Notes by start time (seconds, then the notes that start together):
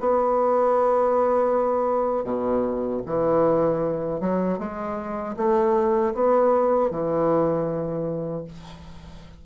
0.00 B3
2.24 B2
3.06 E3
4.20 F#3
4.58 G#3
5.36 A3
6.14 B3
6.91 E3